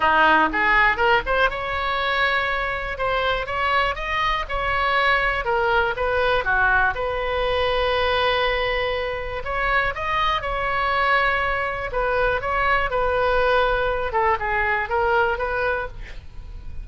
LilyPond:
\new Staff \with { instrumentName = "oboe" } { \time 4/4 \tempo 4 = 121 dis'4 gis'4 ais'8 c''8 cis''4~ | cis''2 c''4 cis''4 | dis''4 cis''2 ais'4 | b'4 fis'4 b'2~ |
b'2. cis''4 | dis''4 cis''2. | b'4 cis''4 b'2~ | b'8 a'8 gis'4 ais'4 b'4 | }